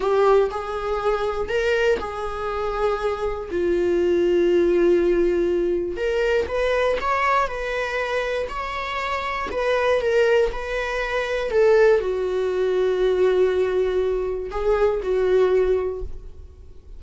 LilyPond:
\new Staff \with { instrumentName = "viola" } { \time 4/4 \tempo 4 = 120 g'4 gis'2 ais'4 | gis'2. f'4~ | f'1 | ais'4 b'4 cis''4 b'4~ |
b'4 cis''2 b'4 | ais'4 b'2 a'4 | fis'1~ | fis'4 gis'4 fis'2 | }